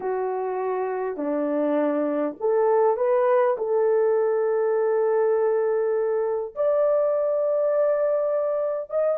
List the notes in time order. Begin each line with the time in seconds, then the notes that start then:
0.00 F#4
1.16 D4
2.40 A4
2.96 B4
3.57 A4
6.55 D5
8.89 D#5